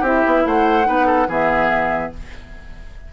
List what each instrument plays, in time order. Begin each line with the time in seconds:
0.00 bassoon C4, clarinet E4, oboe G4
0.06 flute E5
0.26 bassoon B3
0.45 bassoon A3, oboe C5, flute F#5
0.84 bassoon B3, clarinet D#4, oboe B4
1.06 oboe A4
1.28 bassoon E3, clarinet B3, oboe G#4, flute E5